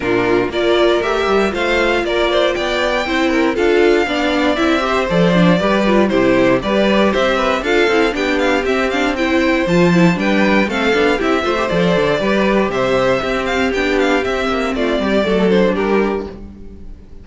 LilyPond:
<<
  \new Staff \with { instrumentName = "violin" } { \time 4/4 \tempo 4 = 118 ais'4 d''4 e''4 f''4 | d''4 g''2 f''4~ | f''4 e''4 d''2 | c''4 d''4 e''4 f''4 |
g''8 f''8 e''8 f''8 g''4 a''4 | g''4 f''4 e''4 d''4~ | d''4 e''4. f''8 g''8 f''8 | e''4 d''4. c''8 ais'4 | }
  \new Staff \with { instrumentName = "violin" } { \time 4/4 f'4 ais'2 c''4 | ais'8 c''8 d''4 c''8 ais'8 a'4 | d''4. c''4. b'4 | g'4 b'4 c''8 b'8 a'4 |
g'2 c''2 | b'4 a'4 g'8 c''4. | b'4 c''4 g'2~ | g'4 f'8 g'8 a'4 g'4 | }
  \new Staff \with { instrumentName = "viola" } { \time 4/4 d'4 f'4 g'4 f'4~ | f'2 e'4 f'4 | d'4 e'8 g'8 a'8 d'8 g'8 f'8 | e'4 g'2 f'8 e'8 |
d'4 c'8 d'8 e'4 f'8 e'8 | d'4 c'8 d'8 e'8 f'16 g'16 a'4 | g'2 c'4 d'4 | c'2 a8 d'4. | }
  \new Staff \with { instrumentName = "cello" } { \time 4/4 ais,4 ais4 a8 g8 a4 | ais4 b4 c'4 d'4 | b4 c'4 f4 g4 | c4 g4 c'4 d'8 c'8 |
b4 c'2 f4 | g4 a8 b8 c'8 a8 f8 d8 | g4 c4 c'4 b4 | c'8 ais8 a8 g8 fis4 g4 | }
>>